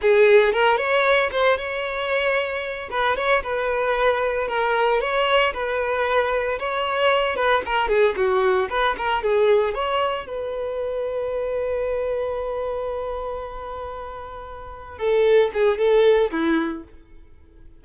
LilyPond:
\new Staff \with { instrumentName = "violin" } { \time 4/4 \tempo 4 = 114 gis'4 ais'8 cis''4 c''8 cis''4~ | cis''4. b'8 cis''8 b'4.~ | b'8 ais'4 cis''4 b'4.~ | b'8 cis''4. b'8 ais'8 gis'8 fis'8~ |
fis'8 b'8 ais'8 gis'4 cis''4 b'8~ | b'1~ | b'1~ | b'8 a'4 gis'8 a'4 e'4 | }